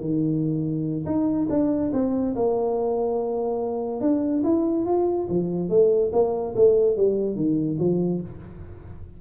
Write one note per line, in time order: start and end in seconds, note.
0.00 1.05 D#3
1.05 1.47 D#4
1.49 1.91 D4
1.92 2.34 C4
2.35 4.00 A#3
4.00 4.42 D4
4.43 4.85 E4
4.85 5.27 F4
5.29 5.69 F3
5.69 6.11 A3
6.12 6.54 A#3
6.55 6.96 A3
6.96 7.35 G3
7.35 7.77 D#3
7.79 8.20 F3